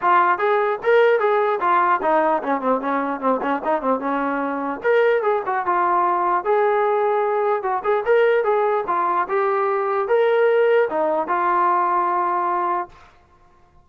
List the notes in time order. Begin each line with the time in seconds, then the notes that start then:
0.01 F4
0.38 G#4
0.83 A#4
1.19 G#4
1.60 F4
2.02 D#4
2.42 C#4
2.61 C4
2.80 C#4
3.20 C4
3.41 C#4
3.64 D#4
3.81 C4
3.99 C#4
4.83 A#4
5.22 G#4
5.46 F#4
5.66 F4
6.44 G#4
7.62 F#4
7.84 G#4
8.05 A#4
8.44 G#4
8.87 F4
9.28 G4
10.07 A#4
10.90 D#4
11.27 F4